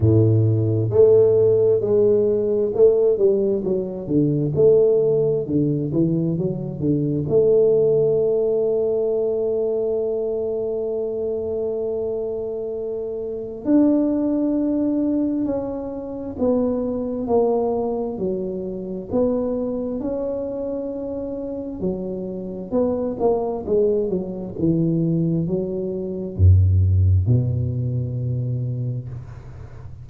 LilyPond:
\new Staff \with { instrumentName = "tuba" } { \time 4/4 \tempo 4 = 66 a,4 a4 gis4 a8 g8 | fis8 d8 a4 d8 e8 fis8 d8 | a1~ | a2. d'4~ |
d'4 cis'4 b4 ais4 | fis4 b4 cis'2 | fis4 b8 ais8 gis8 fis8 e4 | fis4 fis,4 b,2 | }